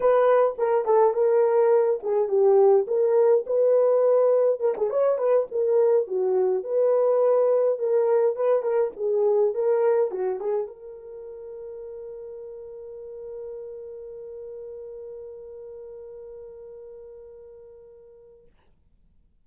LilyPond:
\new Staff \with { instrumentName = "horn" } { \time 4/4 \tempo 4 = 104 b'4 ais'8 a'8 ais'4. gis'8 | g'4 ais'4 b'2 | ais'16 gis'16 cis''8 b'8 ais'4 fis'4 b'8~ | b'4. ais'4 b'8 ais'8 gis'8~ |
gis'8 ais'4 fis'8 gis'8 ais'4.~ | ais'1~ | ais'1~ | ais'1 | }